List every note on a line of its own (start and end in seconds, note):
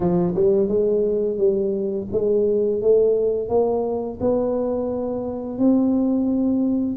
0.00 0.34 F3
0.35 0.68 G3
0.68 1.37 G#3
1.37 2.07 G3
2.12 2.81 G#3
2.81 3.49 A3
3.49 4.18 A#3
4.20 5.58 B3
5.58 6.96 C4